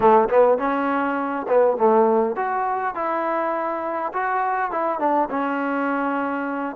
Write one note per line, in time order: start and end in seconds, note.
0.00 0.29 A3
0.29 0.58 B3
0.58 1.46 C#4
1.47 1.77 B3
1.77 2.36 A3
2.36 2.94 F#4
2.94 4.12 E4
4.13 4.71 F#4
4.71 4.99 E4
4.99 5.28 D4
5.29 6.76 C#4